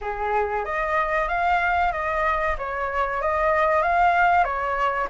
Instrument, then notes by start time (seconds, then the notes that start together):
flute
0.01 G#4
0.64 D#5
1.28 F5
1.92 D#5
2.57 C#5
3.21 D#5
3.82 F5
4.44 C#5